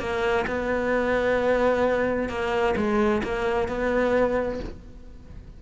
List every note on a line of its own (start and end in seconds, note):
0.00 0.46 A#3
0.47 2.29 B3
2.29 2.75 A#3
2.77 3.22 G#3
3.24 3.68 A#3
3.68 4.60 B3